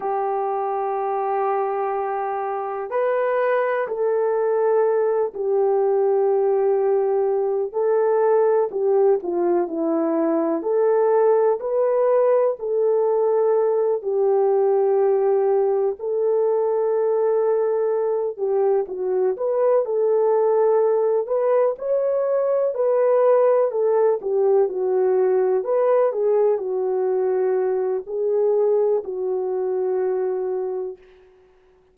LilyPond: \new Staff \with { instrumentName = "horn" } { \time 4/4 \tempo 4 = 62 g'2. b'4 | a'4. g'2~ g'8 | a'4 g'8 f'8 e'4 a'4 | b'4 a'4. g'4.~ |
g'8 a'2~ a'8 g'8 fis'8 | b'8 a'4. b'8 cis''4 b'8~ | b'8 a'8 g'8 fis'4 b'8 gis'8 fis'8~ | fis'4 gis'4 fis'2 | }